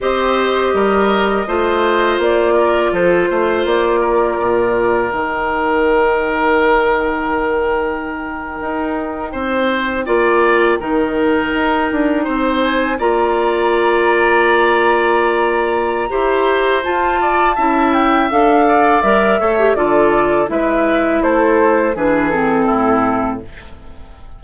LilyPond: <<
  \new Staff \with { instrumentName = "flute" } { \time 4/4 \tempo 4 = 82 dis''2. d''4 | c''4 d''2 g''4~ | g''1~ | g''1~ |
g''4~ g''16 gis''8 ais''2~ ais''16~ | ais''2. a''4~ | a''8 g''8 f''4 e''4 d''4 | e''4 c''4 b'8 a'4. | }
  \new Staff \with { instrumentName = "oboe" } { \time 4/4 c''4 ais'4 c''4. ais'8 | a'8 c''4 ais'2~ ais'8~ | ais'1~ | ais'8. c''4 d''4 ais'4~ ais'16~ |
ais'8. c''4 d''2~ d''16~ | d''2 c''4. d''8 | e''4. d''4 cis''8 a'4 | b'4 a'4 gis'4 e'4 | }
  \new Staff \with { instrumentName = "clarinet" } { \time 4/4 g'2 f'2~ | f'2. dis'4~ | dis'1~ | dis'4.~ dis'16 f'4 dis'4~ dis'16~ |
dis'4.~ dis'16 f'2~ f'16~ | f'2 g'4 f'4 | e'4 a'4 ais'8 a'16 g'16 f'4 | e'2 d'8 c'4. | }
  \new Staff \with { instrumentName = "bassoon" } { \time 4/4 c'4 g4 a4 ais4 | f8 a8 ais4 ais,4 dis4~ | dis2.~ dis8. dis'16~ | dis'8. c'4 ais4 dis4 dis'16~ |
dis'16 d'8 c'4 ais2~ ais16~ | ais2 e'4 f'4 | cis'4 d'4 g8 a8 d4 | gis4 a4 e4 a,4 | }
>>